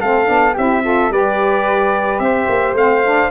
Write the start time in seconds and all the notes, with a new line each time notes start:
0.00 A3 C4 A4 F5
0.25 B3 D4
0.54 C4 E4 G4 E5
0.83 F4 A4
1.10 G3 G4 B4 D5
2.19 C4 C5 E5
2.49 A#3
2.74 A3 C4 F5
3.04 D4